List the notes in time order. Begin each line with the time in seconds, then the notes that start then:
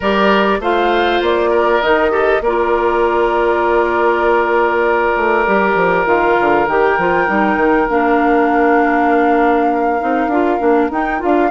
0.00 G3 G4 A#4 D5
0.59 A3 F4 C5 F5
1.21 A#3 D5
1.50 A#4
1.81 D#3 D#4 D#5
2.10 G4 A4
2.40 A#3 A#4 D5
2.47 F4
5.16 A3
5.46 G3 G4
5.75 F3
6.05 D#3 F4 F5
6.40 D3
6.67 D#3 G4 G5
6.97 F3 F4
7.27 G3 D#4
7.56 D#3
7.89 A#3 D4 F5
9.99 C4 D#4
10.27 D4 F4
10.59 A#3 D4
10.90 D#4 G5
11.19 D4 F4 F5